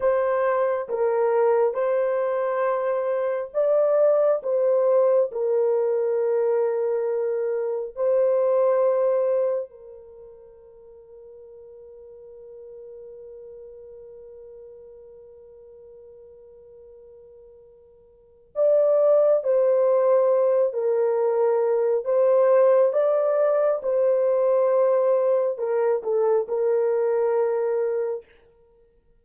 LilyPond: \new Staff \with { instrumentName = "horn" } { \time 4/4 \tempo 4 = 68 c''4 ais'4 c''2 | d''4 c''4 ais'2~ | ais'4 c''2 ais'4~ | ais'1~ |
ais'1~ | ais'4 d''4 c''4. ais'8~ | ais'4 c''4 d''4 c''4~ | c''4 ais'8 a'8 ais'2 | }